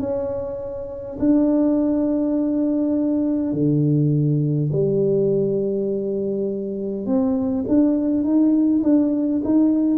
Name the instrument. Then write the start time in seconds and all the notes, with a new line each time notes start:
tuba
0.00 C#4
1.20 D4
3.52 D3
4.73 G3
7.06 C4
7.68 D4
8.24 D#4
8.83 D4
9.45 D#4